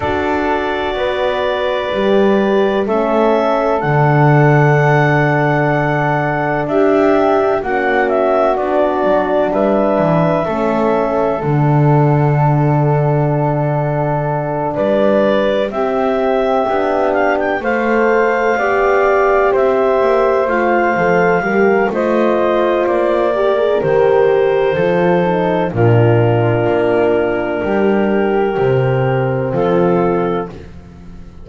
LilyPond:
<<
  \new Staff \with { instrumentName = "clarinet" } { \time 4/4 \tempo 4 = 63 d''2. e''4 | fis''2. e''4 | fis''8 e''8 d''4 e''2 | fis''2.~ fis''8 d''8~ |
d''8 e''4. f''16 g''16 f''4.~ | f''8 e''4 f''4. dis''4 | d''4 c''2 ais'4~ | ais'2. a'4 | }
  \new Staff \with { instrumentName = "flute" } { \time 4/4 a'4 b'2 a'4~ | a'2. g'4 | fis'2 b'4 a'4~ | a'2.~ a'8 b'8~ |
b'8 g'2 c''4 d''8~ | d''8 c''2 ais'8 c''4~ | c''8 ais'4. a'4 f'4~ | f'4 g'2 f'4 | }
  \new Staff \with { instrumentName = "horn" } { \time 4/4 fis'2 g'4 cis'4 | d'1 | cis'4 d'2 cis'4 | d'1~ |
d'8 c'4 d'4 a'4 g'8~ | g'4. f'8 a'8 g'8 f'4~ | f'8 g'16 gis'16 g'4 f'8 dis'8 d'4~ | d'2 c'2 | }
  \new Staff \with { instrumentName = "double bass" } { \time 4/4 d'4 b4 g4 a4 | d2. d'4 | ais4 b8 fis8 g8 e8 a4 | d2.~ d8 g8~ |
g8 c'4 b4 a4 b8~ | b8 c'8 ais8 a8 f8 g8 a4 | ais4 dis4 f4 ais,4 | ais4 g4 c4 f4 | }
>>